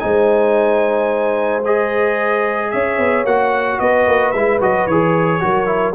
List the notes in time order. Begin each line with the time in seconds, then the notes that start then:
0.00 G#3 D#4 C5 G#5
1.66 G#4 D#5
2.71 C#4 C#5 E5
2.98 B3
3.25 A#3 F#4 F#5
3.79 B3 B4 D#5
4.07 A#3
4.32 G#3 E4 E5
4.61 F#3 F#4 D#5
4.87 E3 G#4 C#5
5.40 F#3 F#4 A#4
5.66 E4